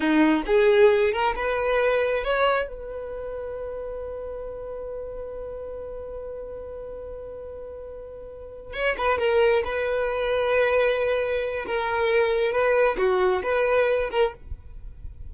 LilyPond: \new Staff \with { instrumentName = "violin" } { \time 4/4 \tempo 4 = 134 dis'4 gis'4. ais'8 b'4~ | b'4 cis''4 b'2~ | b'1~ | b'1~ |
b'2.~ b'8 cis''8 | b'8 ais'4 b'2~ b'8~ | b'2 ais'2 | b'4 fis'4 b'4. ais'8 | }